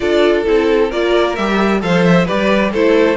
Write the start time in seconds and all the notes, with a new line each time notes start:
0.00 D4 F4 A4 D5
0.44 C4 E4 A4
0.90 A#3 F4 A#4 D5
1.35 G3 G4 E5
1.80 F3 A4 C5 F5
2.04 E5
2.25 G4 B4 D5
2.31 G3
2.72 A3 E4 A4 C5